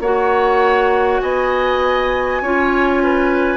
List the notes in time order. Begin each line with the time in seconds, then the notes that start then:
0.00 A#3 F#4 C#5 F#5
1.21 B3 D#5 G#5
2.41 C#4 F4 C#5
3.03 B4